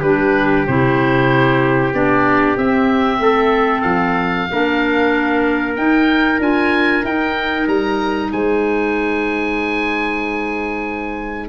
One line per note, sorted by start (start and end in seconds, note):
0.00 0.66 G3
0.00 0.67 D4
0.00 3.19 G4
0.00 0.66 B4
0.67 1.93 C3
0.67 1.93 E4
0.67 1.94 C5
1.93 2.57 B3
1.93 2.57 D4
1.93 2.57 D5
2.57 3.19 C4
2.57 4.49 C4
2.57 3.82 E5
3.19 3.83 A3
3.19 4.49 A4
3.82 4.48 F3
3.82 5.73 F5
4.52 5.77 A#3
4.52 5.77 D4
4.52 8.32 A#4
5.76 6.39 D#4
5.76 6.40 G5
6.39 7.03 D4
6.39 7.03 F4
6.39 7.05 G#5
7.04 7.67 D#4
7.04 11.49 D#4
7.04 7.68 G5
7.67 8.31 G3
7.67 8.32 A#5
8.32 11.49 G#3
8.32 11.49 C5
8.32 11.49 G#5